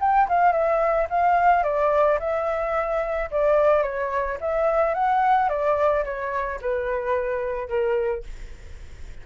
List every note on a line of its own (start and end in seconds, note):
0.00 0.28 G5
0.28 0.52 F5
0.52 1.07 E5
1.09 1.63 F5
1.63 2.18 D5
2.19 3.29 E5
3.31 3.82 D5
3.82 4.37 C#5
4.40 4.94 E5
4.94 5.49 F#5
5.49 6.04 D5
6.04 6.59 C#5
6.61 7.68 B4
7.68 8.23 A#4